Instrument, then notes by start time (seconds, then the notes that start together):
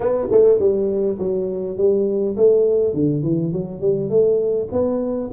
tuba
0.00 B3
0.31 A3
0.59 G3
1.18 F#3
1.77 G3
2.36 A3
2.93 D3
3.22 E3
3.52 F#3
3.80 G3
4.09 A3
4.72 B3